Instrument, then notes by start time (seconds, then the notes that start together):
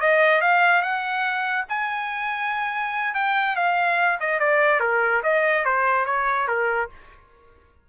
trumpet
0.00 D#5
0.41 F5
0.82 F#5
1.69 G#5
3.14 G5
3.56 F5
4.20 D#5
4.39 D5
4.80 A#4
5.23 D#5
5.64 C5
6.05 C#5
6.47 A#4